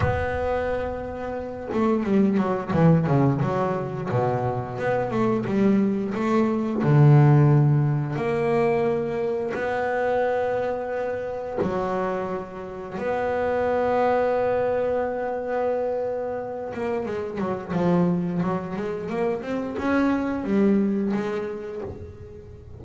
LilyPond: \new Staff \with { instrumentName = "double bass" } { \time 4/4 \tempo 4 = 88 b2~ b8 a8 g8 fis8 | e8 cis8 fis4 b,4 b8 a8 | g4 a4 d2 | ais2 b2~ |
b4 fis2 b4~ | b1~ | b8 ais8 gis8 fis8 f4 fis8 gis8 | ais8 c'8 cis'4 g4 gis4 | }